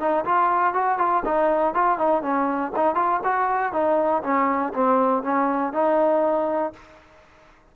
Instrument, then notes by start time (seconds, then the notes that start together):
trombone
0.00 D#4
0.25 F4
0.74 F#4
0.98 F4
1.25 D#4
1.75 F4
1.98 D#4
2.23 C#4
2.76 D#4
2.95 F4
3.24 F#4
3.73 D#4
4.23 C#4
4.74 C4
5.23 C#4
5.73 D#4